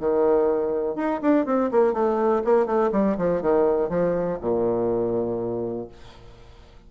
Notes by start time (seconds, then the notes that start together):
0.00 D#3
0.96 D#4
1.22 D4
1.46 C4
1.71 A#3
1.93 A3
2.45 A#3
2.66 A3
2.92 G3
3.18 F3
3.42 D#3
3.89 F3
4.41 A#2